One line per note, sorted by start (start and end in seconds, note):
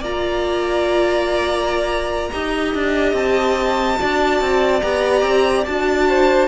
0.00 2.29 A#3
0.00 2.32 F4
0.00 2.29 D5
0.00 3.16 A#5
2.32 2.74 D#4
2.32 3.97 G4
2.32 3.99 D#5
2.74 3.13 D4
3.13 3.96 C4
3.13 4.81 A5
3.97 4.41 D4
3.97 4.81 F#4
3.97 6.08 D5
4.41 4.82 C4
4.81 5.22 B3
4.81 5.66 G4
4.81 5.64 A#5
5.22 5.64 C4
5.66 6.48 D4
5.66 6.48 F#4
5.66 6.48 A5
6.09 6.48 C5